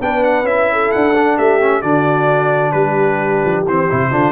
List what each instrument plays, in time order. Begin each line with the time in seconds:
0.00 tuba B3, trombone D4, horn B4, trumpet G5
0.23 trumpet F#5
0.43 tuba C#4, trombone E4, trumpet E5
0.72 horn A4
0.91 tuba D4, trumpet F#5
1.15 trombone D4
1.37 tuba A3, horn G4, trumpet E5
1.60 trombone C#4
1.81 tuba D3, trombone D4, horn F#4, trumpet D5
2.72 tuba G3, horn G4, trumpet B4
3.44 tuba F3
3.65 tuba E3, trombone C4, trumpet C5
3.89 tuba C3, trombone E4
4.10 tuba D3, trombone D4, horn F4